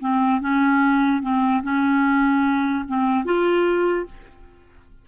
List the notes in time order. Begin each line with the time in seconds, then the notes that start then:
0.00 C4
0.41 C#4
1.22 C4
1.63 C#4
2.88 C4
3.25 F4